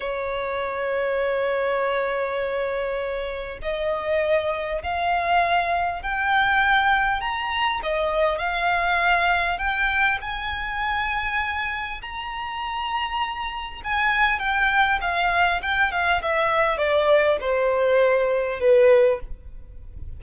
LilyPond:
\new Staff \with { instrumentName = "violin" } { \time 4/4 \tempo 4 = 100 cis''1~ | cis''2 dis''2 | f''2 g''2 | ais''4 dis''4 f''2 |
g''4 gis''2. | ais''2. gis''4 | g''4 f''4 g''8 f''8 e''4 | d''4 c''2 b'4 | }